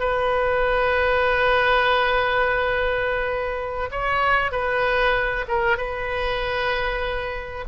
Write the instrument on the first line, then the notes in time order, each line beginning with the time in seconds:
oboe
0.00 B4
3.92 C#5
4.52 B4
5.49 A#4
5.78 B4